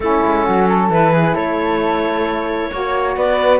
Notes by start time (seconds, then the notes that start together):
0.00 A3 C#4 E4 A4
0.25 G#3
0.44 F#3 F#4
0.68 A4
0.89 E3 E4 B4
1.12 G#4
1.34 A3 A4 C#5
2.70 A#3 F#4 C#5
3.16 B3 B4 D5